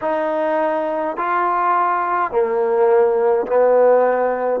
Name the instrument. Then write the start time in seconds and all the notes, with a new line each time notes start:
trombone
0.01 D#4
1.16 F4
2.31 A#3
3.46 B3